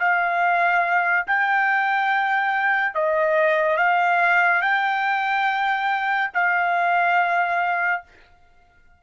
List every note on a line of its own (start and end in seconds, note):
0.00 1.27 F5
1.28 2.95 G5
2.95 3.78 D#5
3.78 4.62 F5
4.62 6.31 G5
6.34 8.03 F5